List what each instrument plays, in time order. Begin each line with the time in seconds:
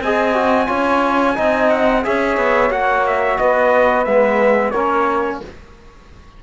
0.00 cello C4, trombone G#4, saxophone D#5, trumpet G#5
0.34 trombone F#4
0.65 cello C#4, trombone F4, saxophone C#5
1.35 cello C4, trombone D#4, saxophone D#5
1.70 trumpet F#5
2.03 cello C#4, trombone G#4, saxophone C#5, trumpet E5
2.37 cello B3
2.70 cello A#3, trombone F#4, trumpet F#5
3.06 trumpet E5
3.38 cello B3, saxophone B4, trumpet D#5
4.04 cello G#3, trombone B3, trumpet E5
4.70 cello A#3, trombone C#4, saxophone A#4, trumpet C#5